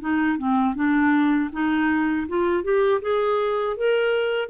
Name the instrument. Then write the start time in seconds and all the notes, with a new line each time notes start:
clarinet
0.00 D#4
0.38 C4
0.75 D4
1.52 D#4
2.28 F4
2.63 G4
3.01 G#4
3.76 A#4